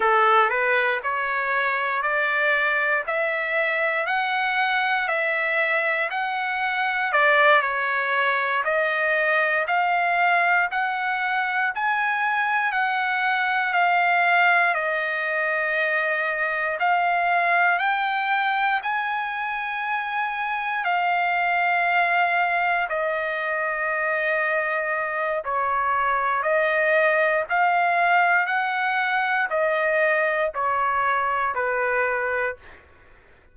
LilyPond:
\new Staff \with { instrumentName = "trumpet" } { \time 4/4 \tempo 4 = 59 a'8 b'8 cis''4 d''4 e''4 | fis''4 e''4 fis''4 d''8 cis''8~ | cis''8 dis''4 f''4 fis''4 gis''8~ | gis''8 fis''4 f''4 dis''4.~ |
dis''8 f''4 g''4 gis''4.~ | gis''8 f''2 dis''4.~ | dis''4 cis''4 dis''4 f''4 | fis''4 dis''4 cis''4 b'4 | }